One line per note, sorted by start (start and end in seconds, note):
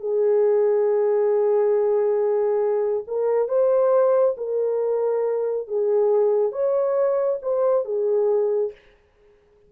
0.00 3.04 G#4
3.07 3.49 A#4
3.49 4.36 C5
4.38 5.68 A#4
5.68 6.52 G#4
6.52 7.39 C#5
7.42 7.85 C5
7.85 8.72 G#4